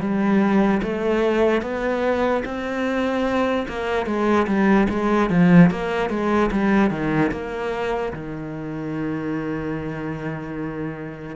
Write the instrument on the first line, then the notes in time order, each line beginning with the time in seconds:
cello
0.00 G3
0.83 A3
1.62 B3
2.45 C4
3.69 A#3
4.06 G#3
4.47 G3
4.89 G#3
5.30 F3
5.71 A#3
6.10 G#3
6.52 G3
6.91 D#3
7.32 A#3
8.13 D#3